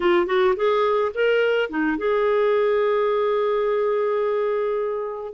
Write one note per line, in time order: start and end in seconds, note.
0.00 0.26 F4
0.26 0.54 F#4
0.56 1.12 G#4
1.14 1.69 A#4
1.69 1.97 D#4
1.97 5.33 G#4